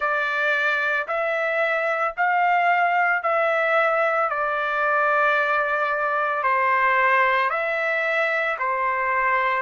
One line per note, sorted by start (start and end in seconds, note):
0.00 1.07 D5
1.07 2.14 E5
2.17 3.22 F5
3.22 4.29 E5
4.29 6.43 D5
6.43 7.50 C5
7.50 8.57 E5
8.59 9.62 C5